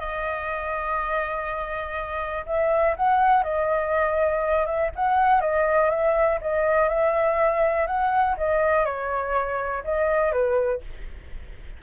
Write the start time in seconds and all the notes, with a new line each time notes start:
0.00 D#5
2.47 E5
2.97 F#5
3.44 D#5
4.67 E5
4.96 F#5
5.41 D#5
5.91 E5
6.42 D#5
6.89 E5
7.87 F#5
8.38 D#5
8.86 C#5
9.84 D#5
10.33 B4